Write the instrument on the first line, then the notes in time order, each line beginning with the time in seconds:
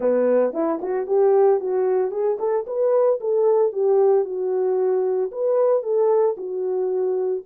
horn
0.00 B3
0.53 E4
0.81 F#4
1.06 G4
1.60 F#4
2.11 G#4
2.39 A4
2.66 B4
3.20 A4
3.72 G4
4.24 F#4
5.31 B4
5.82 A4
6.37 F#4